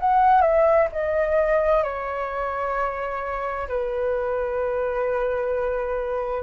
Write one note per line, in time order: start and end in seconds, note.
0.00 0.42 F#5
0.42 0.88 E5
0.92 1.83 D#5
1.83 3.68 C#5
3.68 6.43 B4